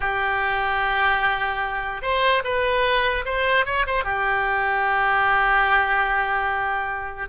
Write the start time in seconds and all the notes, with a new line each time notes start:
0.00 G4
2.02 C5
2.43 B4
3.25 C5
3.65 C#5
3.86 C5
4.04 G4